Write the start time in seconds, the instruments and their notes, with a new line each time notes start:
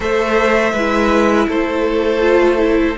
0.00 cello A3, viola A4, violin C5 E5
0.73 cello G#3, viola E4, violin B4
1.48 cello A3, violin A4 C5
2.20 viola F4
2.58 viola E4